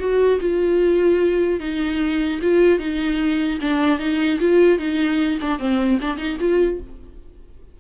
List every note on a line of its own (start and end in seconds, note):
0.00 0.40 F#4
0.41 1.60 F4
1.60 2.40 D#4
2.42 2.80 F4
2.80 3.60 D#4
3.61 3.99 D4
3.99 4.39 D#4
4.40 4.79 F4
4.79 5.39 D#4
5.42 5.59 D4
5.59 5.99 C4
6.01 6.18 D4
6.18 6.38 D#4
6.40 6.80 F4